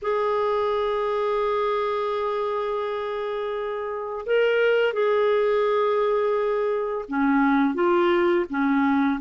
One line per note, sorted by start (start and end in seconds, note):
0.02 4.25 G#4
4.25 4.93 A#4
4.93 7.05 G#4
7.08 7.74 C#4
7.74 8.45 F4
8.49 9.20 C#4